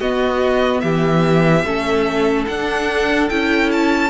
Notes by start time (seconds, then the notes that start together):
0.00 B3 F#4 D#5
0.80 E3 G4 E5
1.64 A3 C#4 A4
2.47 D4 F#5
3.29 C#4 E4 G5
3.72 A5